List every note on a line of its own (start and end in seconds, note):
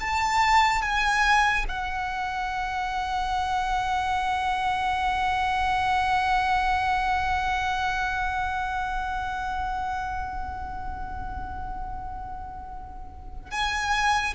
0.00 0.82 A5
0.82 1.66 G#5
1.69 13.51 F#5
13.51 14.34 G#5